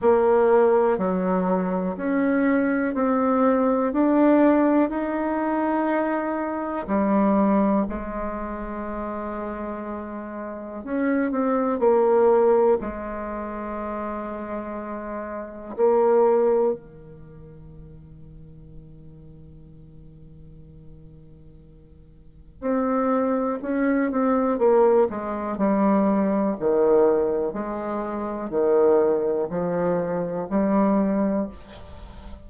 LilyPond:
\new Staff \with { instrumentName = "bassoon" } { \time 4/4 \tempo 4 = 61 ais4 fis4 cis'4 c'4 | d'4 dis'2 g4 | gis2. cis'8 c'8 | ais4 gis2. |
ais4 dis2.~ | dis2. c'4 | cis'8 c'8 ais8 gis8 g4 dis4 | gis4 dis4 f4 g4 | }